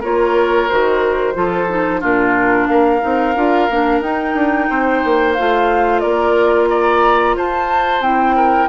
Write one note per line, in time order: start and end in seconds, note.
0.00 0.69 A#3
0.00 0.70 F4
0.00 1.33 A#4
0.00 0.68 C#5
0.68 1.36 D#3
0.68 1.34 F#4
0.68 2.02 C5
1.34 2.02 F3
1.34 1.67 F4
1.34 2.00 A4
1.69 2.00 D#4
2.00 2.68 A#2
2.00 3.00 D4
2.00 2.67 F4
2.00 2.67 A#4
2.67 3.01 A#3
2.67 4.69 A#4
2.67 4.01 F5
3.00 3.36 C4
3.00 3.34 D#4
3.36 3.69 D4
3.36 3.69 F4
3.70 4.01 A#3
3.70 4.03 D4
4.01 4.34 D#4
4.01 5.37 D#4
4.01 5.33 G5
4.34 4.68 D4
4.69 5.03 C4
4.69 6.02 C5
5.04 5.38 A#3
5.33 6.04 A3
5.33 8.03 F4
5.33 5.99 F5
5.99 7.37 A#3
5.99 6.69 A#4
5.99 6.66 D5
6.69 7.36 D5
6.69 7.35 A#5
7.36 8.00 F4
7.36 8.36 C5
7.36 8.02 A5
8.00 8.67 C4
8.00 8.68 E4
8.00 8.68 G5
8.36 8.68 A#4